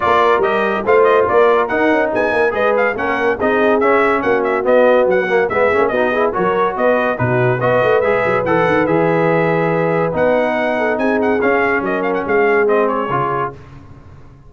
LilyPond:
<<
  \new Staff \with { instrumentName = "trumpet" } { \time 4/4 \tempo 4 = 142 d''4 dis''4 f''8 dis''8 d''4 | fis''4 gis''4 dis''8 f''8 fis''4 | dis''4 e''4 fis''8 e''8 dis''4 | fis''4 e''4 dis''4 cis''4 |
dis''4 b'4 dis''4 e''4 | fis''4 e''2. | fis''2 gis''8 fis''8 f''4 | dis''8 f''16 fis''16 f''4 dis''8 cis''4. | }
  \new Staff \with { instrumentName = "horn" } { \time 4/4 ais'2 c''4 ais'4~ | ais'4 gis'8 ais'8 b'4 ais'4 | gis'2 fis'2~ | fis'4 gis'4 fis'8 gis'8 ais'4 |
b'4 fis'4 b'2~ | b'1~ | b'4. a'8 gis'2 | ais'4 gis'2. | }
  \new Staff \with { instrumentName = "trombone" } { \time 4/4 f'4 g'4 f'2 | dis'2 gis'4 cis'4 | dis'4 cis'2 b4~ | b8 ais8 b8 cis'8 dis'8 e'8 fis'4~ |
fis'4 dis'4 fis'4 gis'4 | a'4 gis'2. | dis'2. cis'4~ | cis'2 c'4 f'4 | }
  \new Staff \with { instrumentName = "tuba" } { \time 4/4 ais4 g4 a4 ais4 | dis'8 cis'8 b8 ais8 gis4 ais4 | c'4 cis'4 ais4 b4 | fis4 gis8 ais8 b4 fis4 |
b4 b,4 b8 a8 gis8 fis8 | e8 dis8 e2. | b2 c'4 cis'4 | fis4 gis2 cis4 | }
>>